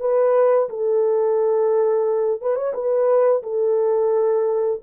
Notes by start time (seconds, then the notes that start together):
0.00 B4
0.69 A4
2.41 B4
2.55 C#5
2.74 B4
3.43 A4